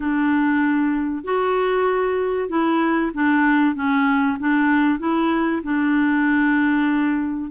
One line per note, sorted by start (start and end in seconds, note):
0.00 1.24 D4
1.24 2.49 F#4
2.49 3.11 E4
3.14 3.75 D4
3.75 4.37 C#4
4.39 4.99 D4
4.99 5.61 E4
5.63 7.50 D4